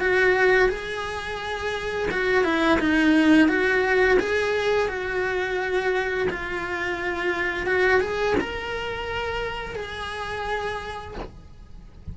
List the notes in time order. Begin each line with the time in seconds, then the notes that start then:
0.00 F#4
0.69 G#4
2.11 F#4
2.44 E4
2.79 D#4
3.48 F#4
4.19 G#4
4.88 F#4
6.29 F4
7.66 F#4
8.00 G#4
8.40 A#4
9.75 G#4